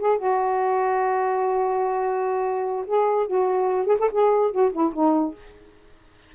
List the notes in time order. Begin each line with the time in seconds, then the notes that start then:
0.00 G#4
0.19 F#4
2.87 G#4
3.27 F#4
3.87 G#4
4.00 A4
4.12 G#4
4.52 F#4
4.73 E4
4.94 D#4